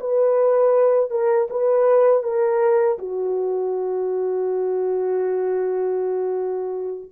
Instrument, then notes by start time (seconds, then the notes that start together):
horn
0.00 B4
1.10 A#4
1.50 B4
2.23 A#4
2.98 F#4